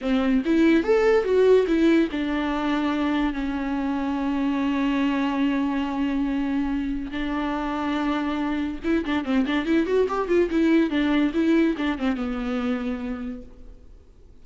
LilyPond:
\new Staff \with { instrumentName = "viola" } { \time 4/4 \tempo 4 = 143 c'4 e'4 a'4 fis'4 | e'4 d'2. | cis'1~ | cis'1~ |
cis'4 d'2.~ | d'4 e'8 d'8 c'8 d'8 e'8 fis'8 | g'8 f'8 e'4 d'4 e'4 | d'8 c'8 b2. | }